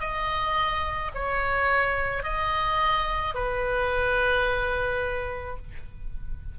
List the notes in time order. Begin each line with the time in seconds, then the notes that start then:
0.00 D#5
1.14 C#5
2.23 D#5
3.35 B4